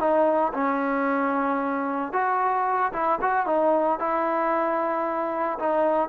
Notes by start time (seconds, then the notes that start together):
0.00 D#4
0.54 C#4
2.13 F#4
2.93 E4
3.22 F#4
3.47 D#4
4.00 E4
5.59 D#4